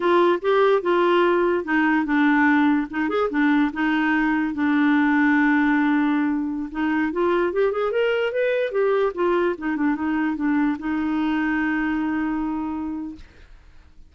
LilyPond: \new Staff \with { instrumentName = "clarinet" } { \time 4/4 \tempo 4 = 146 f'4 g'4 f'2 | dis'4 d'2 dis'8 gis'8 | d'4 dis'2 d'4~ | d'1~ |
d'16 dis'4 f'4 g'8 gis'8 ais'8.~ | ais'16 b'4 g'4 f'4 dis'8 d'16~ | d'16 dis'4 d'4 dis'4.~ dis'16~ | dis'1 | }